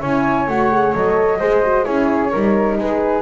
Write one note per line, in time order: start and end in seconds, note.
0.00 0.47 C#4
0.00 0.48 E4
0.00 1.37 C#5
0.00 0.48 G#5
0.47 0.93 A3
0.47 0.71 F#4
0.47 0.94 F#5
0.71 0.94 G#4
0.94 1.40 F#3
0.94 1.40 A4
0.94 1.84 D#5
1.39 1.87 G#3
1.39 1.62 G#4
1.39 1.84 C5
1.63 1.84 F#4
1.84 2.33 C#4
1.84 2.30 E4
1.84 2.30 G#4
1.84 2.76 C#5
2.31 2.77 G3
2.31 3.21 D#4
2.31 2.77 A#4
2.77 3.21 G#3
2.77 3.21 G#4
2.77 3.21 B4